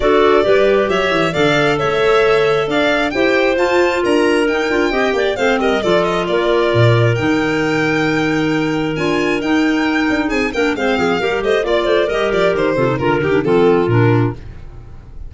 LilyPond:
<<
  \new Staff \with { instrumentName = "violin" } { \time 4/4 \tempo 4 = 134 d''2 e''4 f''4 | e''2 f''4 g''4 | a''4 ais''4 g''2 | f''8 dis''8 d''8 dis''8 d''2 |
g''1 | gis''4 g''2 gis''8 g''8 | f''4. dis''8 d''4 dis''8 d''8 | c''4 ais'8 g'8 a'4 ais'4 | }
  \new Staff \with { instrumentName = "clarinet" } { \time 4/4 a'4 b'4 cis''4 d''4 | cis''2 d''4 c''4~ | c''4 ais'2 dis''8 d''8 | c''8 ais'8 a'4 ais'2~ |
ais'1~ | ais'2. gis'8 ais'8 | c''8 gis'8 ais'8 c''8 d''8 c''8 ais'4~ | ais'8 a'8 ais'4 f'2 | }
  \new Staff \with { instrumentName = "clarinet" } { \time 4/4 fis'4 g'2 a'4~ | a'2. g'4 | f'2 dis'8 f'8 g'4 | c'4 f'2. |
dis'1 | f'4 dis'2~ dis'8 d'8 | c'4 g'4 f'4 g'4~ | g'8 f'16 dis'16 f'8 dis'16 d'16 c'4 d'4 | }
  \new Staff \with { instrumentName = "tuba" } { \time 4/4 d'4 g4 fis8 e8 d4 | a2 d'4 e'4 | f'4 d'4 dis'8 d'8 c'8 ais8 | a8 g8 f4 ais4 ais,4 |
dis1 | d'4 dis'4. d'8 c'8 ais8 | gis8 f8 g8 a8 ais8 a8 g8 f8 | dis8 c8 d8 dis8 f4 ais,4 | }
>>